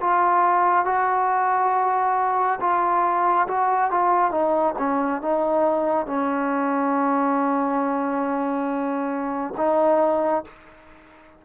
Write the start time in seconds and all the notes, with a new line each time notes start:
0.00 F4
0.85 F#4
2.60 F4
3.47 F#4
3.91 F4
4.31 D#4
4.78 C#4
5.21 D#4
6.06 C#4
9.57 D#4